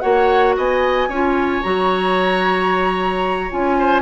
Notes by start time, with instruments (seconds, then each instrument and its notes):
0.00 bassoon A#3, clarinet F#4, oboe C#5, flute F#5
0.57 bassoon B3, oboe D#5, flute G#5
1.09 bassoon C#4, clarinet F4, oboe C#5
1.62 bassoon F#3, clarinet F#4, flute A#5
3.50 bassoon C#4, clarinet F4, flute G#5
3.79 oboe C5